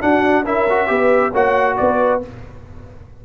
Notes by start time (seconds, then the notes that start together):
0.00 D4 F#4 F#5
0.45 C#4 E4 A#4 E5
0.69 F#4
0.87 B3 G4 B4
1.32 A#3 F#4 C#5 F#5
1.77 B3 B4 D5